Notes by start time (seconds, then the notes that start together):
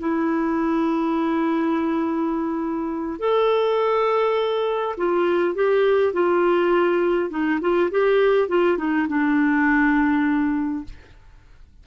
0.00 E4
3.20 A4
4.98 F4
5.55 G4
6.14 F4
7.31 D#4
7.61 F4
7.91 G4
8.49 F4
8.78 D#4
9.09 D4